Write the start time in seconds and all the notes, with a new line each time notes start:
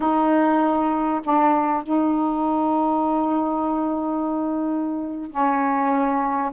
0.00 D#4
1.23 D4
1.83 D#4
5.30 C#4